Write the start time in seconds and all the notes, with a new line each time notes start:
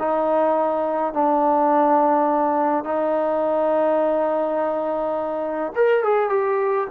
0.00 D#4
1.14 D4
2.85 D#4
5.76 A#4
6.04 G#4
6.30 G4